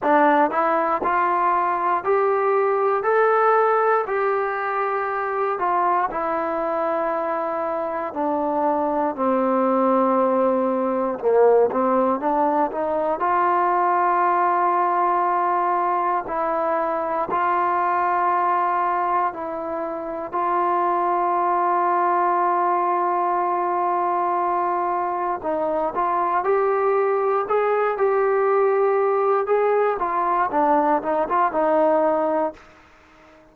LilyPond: \new Staff \with { instrumentName = "trombone" } { \time 4/4 \tempo 4 = 59 d'8 e'8 f'4 g'4 a'4 | g'4. f'8 e'2 | d'4 c'2 ais8 c'8 | d'8 dis'8 f'2. |
e'4 f'2 e'4 | f'1~ | f'4 dis'8 f'8 g'4 gis'8 g'8~ | g'4 gis'8 f'8 d'8 dis'16 f'16 dis'4 | }